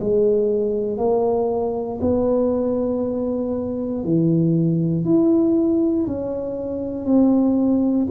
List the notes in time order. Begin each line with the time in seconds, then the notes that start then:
0.00 G#3
0.98 A#3
2.02 B3
4.04 E3
5.05 E4
6.07 C#4
7.05 C4